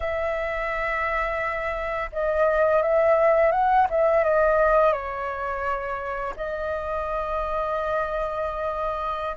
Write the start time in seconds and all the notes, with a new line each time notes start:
0.00 E5
2.12 D#5
2.82 E5
3.51 F#5
3.90 E5
4.24 D#5
4.92 C#5
6.36 D#5